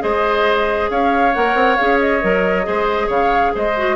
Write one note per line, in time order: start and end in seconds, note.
0.00 0.90 G#3
0.00 1.32 G#4
0.00 0.91 C5
0.00 0.90 D#5
0.90 1.34 C#4
0.90 2.67 C#5
0.90 1.34 F5
1.34 1.55 A#3
1.34 1.79 A#4
1.34 1.76 F#5
1.55 1.77 C4
1.76 2.23 C#4
1.76 2.22 G#4
1.76 1.99 F5
2.00 3.10 D#5
2.22 2.67 F#3
2.22 2.64 A#4
2.64 3.09 G#3
2.64 3.74 G#4
2.64 3.07 C5
3.07 3.53 C#3
3.07 3.51 C#5
3.07 3.55 F5
3.55 3.96 G#3
3.55 3.96 C5
3.55 3.96 D#5
3.77 3.96 F#4